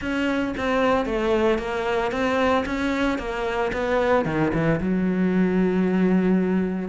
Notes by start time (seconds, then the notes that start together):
0.01 C#4
0.57 C4
1.05 A3
1.58 A#3
2.11 C4
2.65 C#4
3.18 A#3
3.73 B3
4.25 D#3
4.53 E3
4.80 F#3